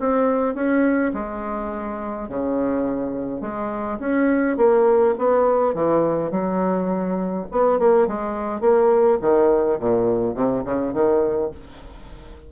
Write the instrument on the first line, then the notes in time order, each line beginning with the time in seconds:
bassoon
0.00 C4
0.55 C#4
1.13 G#3
2.28 C#3
3.41 G#3
3.99 C#4
4.57 A#3
5.18 B3
5.74 E3
6.31 F#3
7.51 B3
7.79 A#3
8.07 G#3
8.60 A#3
9.22 D#3
9.79 A#2
10.35 C3
10.65 C#3
10.94 D#3